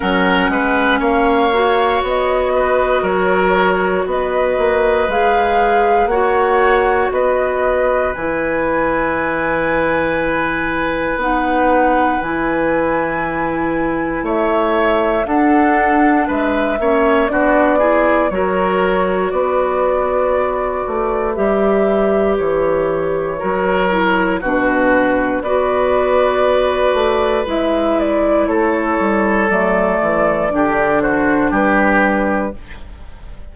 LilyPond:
<<
  \new Staff \with { instrumentName = "flute" } { \time 4/4 \tempo 4 = 59 fis''4 f''4 dis''4 cis''4 | dis''4 f''4 fis''4 dis''4 | gis''2. fis''4 | gis''2 e''4 fis''4 |
e''4 d''4 cis''4 d''4~ | d''4 e''4 cis''2 | b'4 d''2 e''8 d''8 | cis''4 d''4. c''8 b'4 | }
  \new Staff \with { instrumentName = "oboe" } { \time 4/4 ais'8 b'8 cis''4. b'8 ais'4 | b'2 cis''4 b'4~ | b'1~ | b'2 cis''4 a'4 |
b'8 cis''8 fis'8 gis'8 ais'4 b'4~ | b'2. ais'4 | fis'4 b'2. | a'2 g'8 fis'8 g'4 | }
  \new Staff \with { instrumentName = "clarinet" } { \time 4/4 cis'4. fis'2~ fis'8~ | fis'4 gis'4 fis'2 | e'2. dis'4 | e'2. d'4~ |
d'8 cis'8 d'8 e'8 fis'2~ | fis'4 g'2 fis'8 e'8 | d'4 fis'2 e'4~ | e'4 a4 d'2 | }
  \new Staff \with { instrumentName = "bassoon" } { \time 4/4 fis8 gis8 ais4 b4 fis4 | b8 ais8 gis4 ais4 b4 | e2. b4 | e2 a4 d'4 |
gis8 ais8 b4 fis4 b4~ | b8 a8 g4 e4 fis4 | b,4 b4. a8 gis4 | a8 g8 fis8 e8 d4 g4 | }
>>